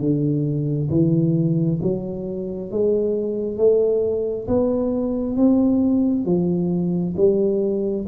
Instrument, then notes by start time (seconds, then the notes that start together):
tuba
0.00 D3
0.90 E3
1.82 F#3
2.71 G#3
3.57 A3
4.47 B3
5.36 C4
6.25 F3
7.16 G3